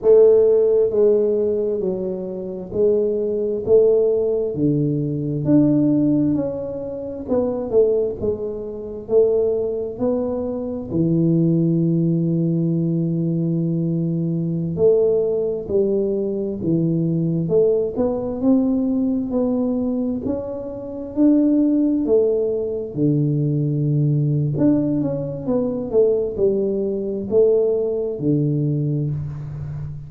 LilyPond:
\new Staff \with { instrumentName = "tuba" } { \time 4/4 \tempo 4 = 66 a4 gis4 fis4 gis4 | a4 d4 d'4 cis'4 | b8 a8 gis4 a4 b4 | e1~ |
e16 a4 g4 e4 a8 b16~ | b16 c'4 b4 cis'4 d'8.~ | d'16 a4 d4.~ d16 d'8 cis'8 | b8 a8 g4 a4 d4 | }